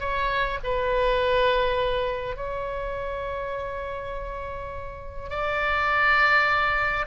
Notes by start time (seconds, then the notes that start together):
0.00 C#5
0.64 B4
2.37 C#5
5.30 D5